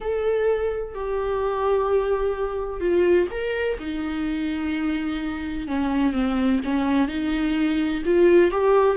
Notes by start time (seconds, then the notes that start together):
0.00 A4
0.94 G4
2.80 F4
3.30 A#4
3.79 D#4
5.67 C#4
6.13 C4
6.64 C#4
7.08 D#4
8.05 F4
8.51 G4